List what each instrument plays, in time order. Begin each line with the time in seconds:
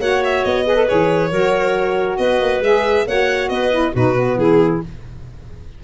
0.00 tuba A#3, saxophone F#4, clarinet C#5, violin F#5
0.24 violin E5
0.45 tuba B3, violin D#5
0.67 saxophone G#4, clarinet B4
0.76 saxophone A4
0.86 tuba E3, saxophone G#4, violin C#5
1.31 tuba F#3, saxophone F#4, clarinet A#4
2.18 tuba B3, clarinet B4, violin D#5
2.41 tuba A#3
2.61 tuba G#3, saxophone G#4, violin E5
3.07 tuba A#3, saxophone F#4, clarinet C#5, violin F#5
3.49 tuba B3, clarinet B4, violin D#5
3.71 saxophone E4
3.93 tuba B2, saxophone D#4, clarinet F#4, violin B4
4.16 saxophone B3
4.36 tuba E3, clarinet E4, violin G#4